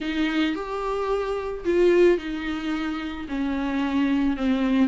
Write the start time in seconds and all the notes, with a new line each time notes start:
0.00 D#4
0.55 G4
1.65 F4
2.17 D#4
3.28 C#4
4.36 C4